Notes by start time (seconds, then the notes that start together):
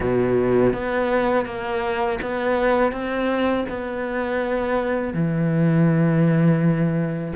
0.00 B2
0.73 B3
1.45 A#3
2.22 B3
2.91 C4
3.69 B3
5.13 E3